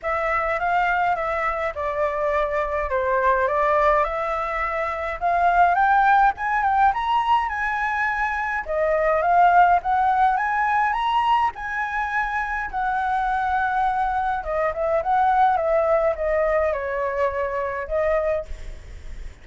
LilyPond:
\new Staff \with { instrumentName = "flute" } { \time 4/4 \tempo 4 = 104 e''4 f''4 e''4 d''4~ | d''4 c''4 d''4 e''4~ | e''4 f''4 g''4 gis''8 g''8 | ais''4 gis''2 dis''4 |
f''4 fis''4 gis''4 ais''4 | gis''2 fis''2~ | fis''4 dis''8 e''8 fis''4 e''4 | dis''4 cis''2 dis''4 | }